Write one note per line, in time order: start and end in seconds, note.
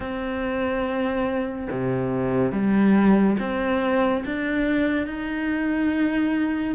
0.00 1.68 C4
1.71 2.52 C3
2.52 3.36 G3
3.39 4.23 C4
4.25 5.06 D4
5.06 6.75 D#4